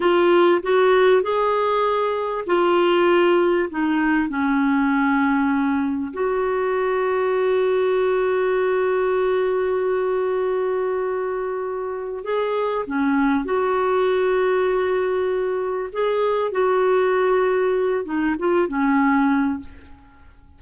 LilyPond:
\new Staff \with { instrumentName = "clarinet" } { \time 4/4 \tempo 4 = 98 f'4 fis'4 gis'2 | f'2 dis'4 cis'4~ | cis'2 fis'2~ | fis'1~ |
fis'1 | gis'4 cis'4 fis'2~ | fis'2 gis'4 fis'4~ | fis'4. dis'8 f'8 cis'4. | }